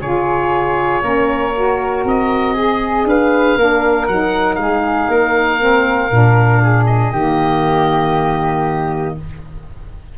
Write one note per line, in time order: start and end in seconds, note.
0.00 1.02 C#3
0.00 1.02 F4
0.00 1.02 G#4
0.00 2.04 C#5
1.02 2.03 A#3
1.02 1.53 C#4
1.02 2.53 A#4
1.55 2.57 F#4
2.04 3.04 C4
2.04 3.08 D#5
2.53 3.04 G#4
2.53 3.58 G#4
3.04 3.55 D4
3.04 3.57 B4
3.04 4.07 F5
3.57 4.07 A#3
3.57 4.09 D4
3.57 4.59 A#4
4.07 4.57 F#3
4.07 5.59 D#4
4.07 4.55 F#5
4.55 5.08 G#3
4.55 5.10 G#4
4.55 6.84 F5
5.08 6.10 A#3
5.08 6.62 A#4
5.59 6.10 C4
6.11 7.12 A#2
6.11 7.13 D4
6.62 7.12 G#4
6.86 9.15 D#5
7.12 9.15 D#3
7.12 9.18 A#3
7.12 9.15 G4